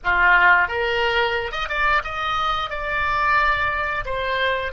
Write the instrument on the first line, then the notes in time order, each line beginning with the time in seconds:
oboe
0.03 F4
0.67 A#4
1.51 D#5
1.68 D5
2.03 D#5
2.70 D5
4.05 C5